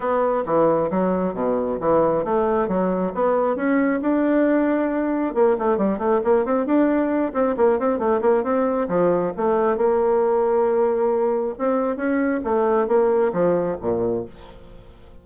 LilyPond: \new Staff \with { instrumentName = "bassoon" } { \time 4/4 \tempo 4 = 135 b4 e4 fis4 b,4 | e4 a4 fis4 b4 | cis'4 d'2. | ais8 a8 g8 a8 ais8 c'8 d'4~ |
d'8 c'8 ais8 c'8 a8 ais8 c'4 | f4 a4 ais2~ | ais2 c'4 cis'4 | a4 ais4 f4 ais,4 | }